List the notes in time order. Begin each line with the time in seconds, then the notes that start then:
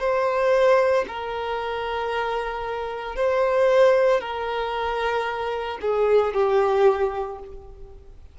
0.00 C5
1.09 A#4
3.16 C5
4.21 A#4
5.82 G#4
6.34 G4